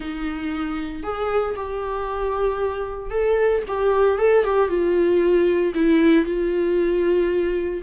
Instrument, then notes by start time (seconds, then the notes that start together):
viola
0.00 D#4
1.03 G#4
1.55 G4
3.10 A4
3.67 G4
4.18 A4
4.44 G4
4.68 F4
5.74 E4
6.25 F4